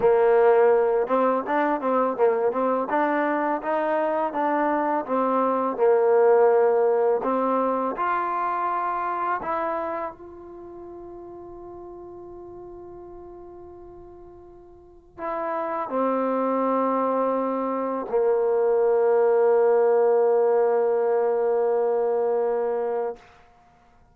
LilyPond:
\new Staff \with { instrumentName = "trombone" } { \time 4/4 \tempo 4 = 83 ais4. c'8 d'8 c'8 ais8 c'8 | d'4 dis'4 d'4 c'4 | ais2 c'4 f'4~ | f'4 e'4 f'2~ |
f'1~ | f'4 e'4 c'2~ | c'4 ais2.~ | ais1 | }